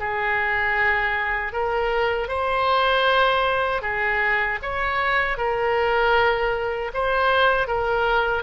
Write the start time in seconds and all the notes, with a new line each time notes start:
0.00 G#4
1.53 A#4
2.29 C5
3.82 G#4
4.63 C#5
5.38 A#4
6.94 C5
7.68 A#4